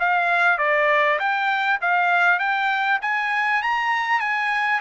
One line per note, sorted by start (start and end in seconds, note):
0.00 0.59 F5
0.59 1.19 D5
1.20 1.80 G5
1.82 2.39 F5
2.39 3.00 G5
3.02 3.63 G#5
3.63 4.20 A#5
4.20 4.81 G#5